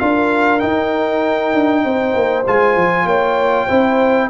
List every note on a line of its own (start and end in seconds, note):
0.00 0.63 D4
0.00 0.61 F4
0.00 1.84 A#4
0.00 0.60 F5
0.60 2.44 D#4
0.60 1.54 D#4
0.60 2.43 G5
1.54 1.85 D4
1.85 2.15 C4
1.85 3.07 C5
2.15 2.45 A#3
2.47 2.76 G#3
2.47 3.69 F4
2.47 3.08 G#5
2.76 3.06 F3
3.06 3.67 A#3
3.06 3.66 C#5
3.06 4.30 G5
3.66 4.30 C4
3.66 4.30 E4
3.66 4.27 C5